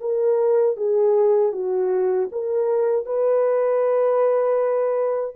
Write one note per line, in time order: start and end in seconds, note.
0.00 0.76 A#4
0.76 1.52 G#4
1.52 2.29 F#4
2.31 3.05 A#4
3.05 5.35 B4